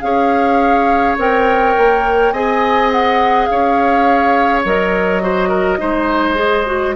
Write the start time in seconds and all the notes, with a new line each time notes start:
0.00 C#4 G#4 C#5 F5
1.17 C4 A#4 G5
1.77 A#3
2.32 C4 G#4 D#5 G#5
2.91 F#5
3.45 C#4 C#5 F5
4.64 F#3 A#4 D#5
5.21 F#4 C5
5.48 A#4
5.78 G#3 D#4 C5
6.35 G#4
6.66 F#4